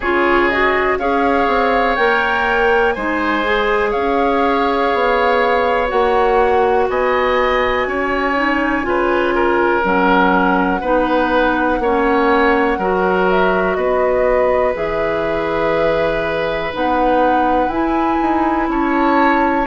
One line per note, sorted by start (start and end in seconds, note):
0.00 0.97 C#3
0.00 0.52 F4
0.00 0.98 G#4
0.00 0.48 C#5
0.48 0.99 F#4
0.48 0.97 D#5
0.99 1.47 C#4
0.99 1.96 G#4
0.99 2.94 C#5
0.99 1.96 F5
1.47 1.96 C4
1.96 2.96 A#3
1.96 2.95 A#4
1.96 2.92 G5
2.92 3.94 G#3
2.92 3.44 D#4
2.92 3.90 C5
2.92 3.90 G#5
3.44 5.87 G#4
3.90 4.93 C#4
3.90 6.85 C#5
3.90 5.88 F5
4.93 5.91 B3
5.87 6.88 A#3
5.87 8.33 F#4
5.87 6.88 F#5
6.88 7.86 B3
6.88 7.87 D#5
6.88 9.85 G#5
7.86 8.84 C#4
7.86 8.86 C#5
8.35 8.83 D#4
8.83 9.84 C#3
8.83 9.81 F4
8.83 9.34 B4
9.34 10.81 A#4
9.82 10.81 F#3
9.82 10.80 C#4
9.82 13.30 F#5
10.81 11.79 B3
10.81 11.81 D#4
10.81 11.79 B4
11.79 12.77 A#3
11.79 12.80 C#4
11.79 12.78 C#5
12.77 13.76 F#3
12.77 14.74 F#4
12.77 13.76 A#4
13.30 13.74 E5
13.74 14.74 B3
13.74 18.69 B4
13.74 14.72 D#5
14.74 16.72 E3
14.74 16.70 G#4
14.74 16.73 E5
16.73 17.67 B3
16.73 17.71 D#4
16.73 17.69 F#5
17.67 18.16 E4
17.67 19.66 E4
17.67 18.67 G#5
18.21 18.68 D#4
18.68 19.66 C#4
18.68 19.66 C#5
18.68 19.66 A5